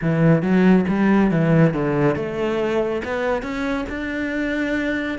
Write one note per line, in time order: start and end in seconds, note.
0.01 0.42 E3
0.42 0.85 F#3
0.88 1.31 G3
1.31 1.73 E3
1.73 2.15 D3
2.15 3.02 A3
3.04 3.42 B3
3.42 3.85 C#4
3.89 5.18 D4